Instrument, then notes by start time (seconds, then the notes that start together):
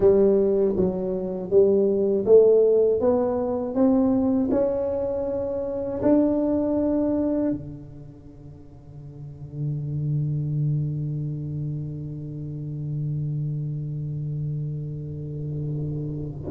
tuba
0.00 G3
0.76 F#3
1.50 G3
2.25 A3
3.00 B3
3.74 C4
4.51 C#4
6.02 D4
7.51 D3